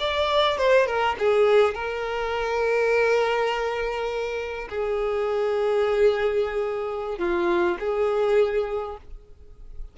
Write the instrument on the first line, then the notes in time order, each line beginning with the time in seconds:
violin
0.00 D5
0.58 C5
0.87 A#4
1.19 G#4
1.75 A#4
4.70 G#4
7.19 F4
7.80 G#4